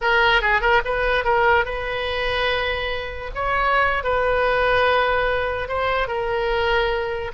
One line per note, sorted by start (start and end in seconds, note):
0.01 0.41 A#4
0.41 0.61 G#4
0.61 0.81 A#4
0.84 1.24 B4
1.24 1.65 A#4
1.65 3.30 B4
3.35 4.03 C#5
4.03 5.68 B4
5.68 6.07 C5
6.07 7.31 A#4